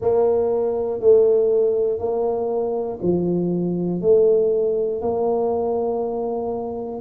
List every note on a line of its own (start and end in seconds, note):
0.01 1.00 A#3
1.00 1.98 A3
1.98 2.98 A#3
3.02 4.00 F3
4.00 5.00 A3
5.01 7.01 A#3